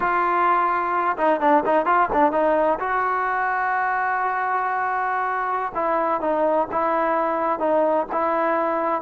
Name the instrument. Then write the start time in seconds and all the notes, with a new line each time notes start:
trombone
0.00 F4
1.17 D#4
1.40 D4
1.65 D#4
1.85 F4
2.12 D4
2.32 D#4
2.79 F#4
5.74 E4
6.20 D#4
6.71 E4
7.59 D#4
8.12 E4